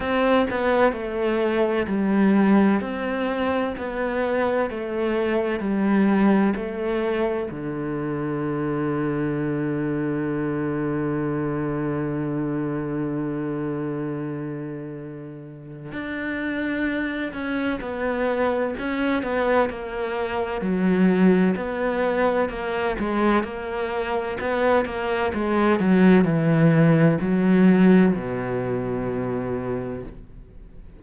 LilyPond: \new Staff \with { instrumentName = "cello" } { \time 4/4 \tempo 4 = 64 c'8 b8 a4 g4 c'4 | b4 a4 g4 a4 | d1~ | d1~ |
d4 d'4. cis'8 b4 | cis'8 b8 ais4 fis4 b4 | ais8 gis8 ais4 b8 ais8 gis8 fis8 | e4 fis4 b,2 | }